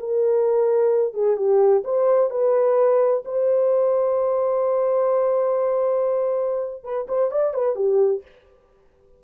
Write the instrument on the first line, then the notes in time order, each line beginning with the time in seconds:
horn
0.00 A#4
1.14 G#4
1.37 G4
1.85 C5
2.31 B4
3.25 C5
6.84 B4
7.09 C5
7.31 D5
7.55 B4
7.76 G4